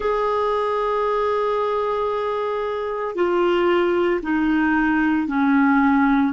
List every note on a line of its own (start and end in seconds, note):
0.00 3.15 G#4
3.15 4.20 F4
4.22 5.27 D#4
5.27 6.33 C#4